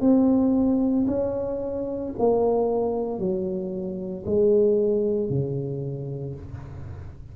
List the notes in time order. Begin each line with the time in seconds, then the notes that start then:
0.00 C4
1.06 C#4
2.18 A#3
3.19 F#3
4.25 G#3
5.29 C#3